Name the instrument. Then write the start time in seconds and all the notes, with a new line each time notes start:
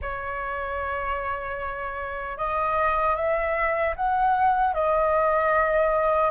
flute
0.01 C#5
2.37 D#5
3.16 E5
3.96 F#5
4.74 D#5